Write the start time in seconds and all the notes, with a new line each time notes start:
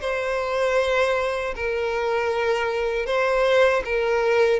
0.00 C5
1.55 A#4
3.06 C5
3.85 A#4